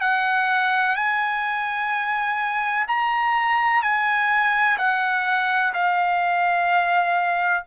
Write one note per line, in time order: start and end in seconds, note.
0.00 0.95 F#5
0.95 2.86 G#5
2.87 3.82 A#5
3.82 4.77 G#5
4.77 5.73 F#5
5.73 7.64 F5